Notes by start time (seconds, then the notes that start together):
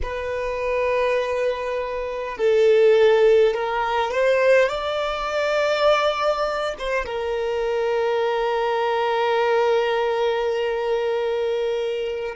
0.02 B4
2.37 A4
3.53 A#4
4.11 C5
4.68 D5
6.78 C5
7.05 A#4